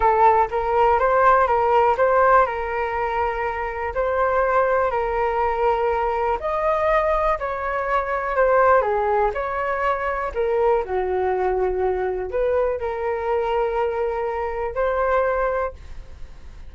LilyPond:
\new Staff \with { instrumentName = "flute" } { \time 4/4 \tempo 4 = 122 a'4 ais'4 c''4 ais'4 | c''4 ais'2. | c''2 ais'2~ | ais'4 dis''2 cis''4~ |
cis''4 c''4 gis'4 cis''4~ | cis''4 ais'4 fis'2~ | fis'4 b'4 ais'2~ | ais'2 c''2 | }